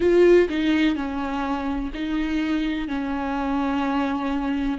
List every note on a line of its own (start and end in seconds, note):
0.00 0.48 F4
0.49 0.95 D#4
0.95 1.90 C#4
1.94 2.88 D#4
2.88 4.78 C#4